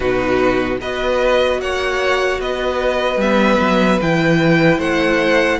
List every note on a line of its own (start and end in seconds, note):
0.00 0.80 B2
0.00 0.78 D#4
0.00 0.78 F#4
0.00 0.78 B4
0.80 1.59 B3
0.80 3.21 F#4
0.80 1.60 B4
0.80 1.60 D#5
1.59 2.39 A#3
1.59 2.40 C#5
1.59 2.40 F#5
2.39 3.16 B3
2.39 4.78 B4
2.39 3.20 D#5
3.16 3.56 G3
3.16 4.01 B3
3.16 4.00 E5
3.60 4.00 F#3
4.01 4.79 E3
4.01 5.60 E4
4.01 4.80 G5
4.78 5.58 A3
4.78 5.58 C5
4.78 5.60 F#5